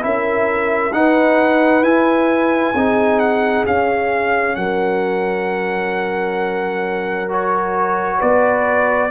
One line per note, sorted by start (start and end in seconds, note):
0.00 0.92 C#4
0.00 0.91 E4
0.00 0.95 A#4
0.00 0.93 E5
0.92 1.82 D#4
0.92 1.83 D#4
0.92 2.76 B4
0.92 1.83 F#5
1.82 2.73 E4
1.82 2.74 E4
1.82 3.19 G#5
2.73 3.64 C4
2.73 3.67 D#4
2.73 4.57 G#4
3.19 3.65 F#5
3.66 4.56 C#4
3.66 7.29 C#4
3.66 4.56 F5
4.56 8.20 F#3
4.56 8.18 A#4
4.56 7.28 F#5
7.29 9.10 F#4
7.29 8.21 C#5
8.18 9.11 B3
8.18 9.09 B4
8.18 9.11 D5